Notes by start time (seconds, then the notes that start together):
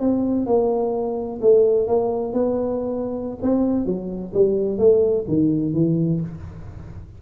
0.00 C4
0.46 A#3
1.41 A3
1.87 A#3
2.33 B3
3.42 C4
3.86 F#3
4.34 G3
4.78 A3
5.28 D#3
5.73 E3